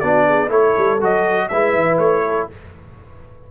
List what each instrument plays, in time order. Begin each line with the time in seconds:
0.00 tuba B3, trombone D4, horn F#4, trumpet D5
0.26 horn G#4
0.47 tuba A3, trombone E4, horn A4, trumpet C#5
0.77 tuba G3
1.01 tuba F#3, trombone F#4, trumpet D#5
1.48 tuba G#3, trombone E4, horn B4, trumpet E5
1.75 tuba E3
1.98 tuba A3, trumpet C#5
2.26 horn A4